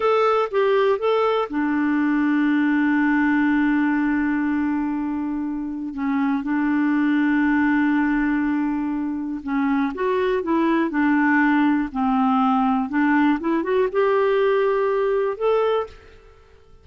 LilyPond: \new Staff \with { instrumentName = "clarinet" } { \time 4/4 \tempo 4 = 121 a'4 g'4 a'4 d'4~ | d'1~ | d'1 | cis'4 d'2.~ |
d'2. cis'4 | fis'4 e'4 d'2 | c'2 d'4 e'8 fis'8 | g'2. a'4 | }